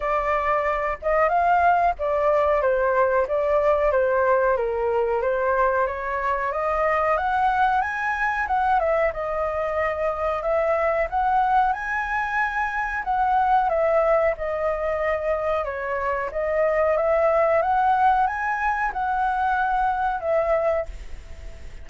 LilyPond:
\new Staff \with { instrumentName = "flute" } { \time 4/4 \tempo 4 = 92 d''4. dis''8 f''4 d''4 | c''4 d''4 c''4 ais'4 | c''4 cis''4 dis''4 fis''4 | gis''4 fis''8 e''8 dis''2 |
e''4 fis''4 gis''2 | fis''4 e''4 dis''2 | cis''4 dis''4 e''4 fis''4 | gis''4 fis''2 e''4 | }